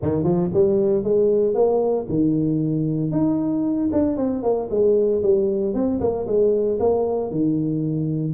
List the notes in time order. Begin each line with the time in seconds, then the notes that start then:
0.02 D#3
0.23 F3
0.53 G3
1.03 G#3
1.54 A#3
2.08 D#3
3.11 D#4
3.92 D4
4.16 C4
4.43 A#3
4.70 G#3
5.22 G3
5.73 C4
6.00 A#3
6.26 G#3
6.79 A#3
7.30 D#3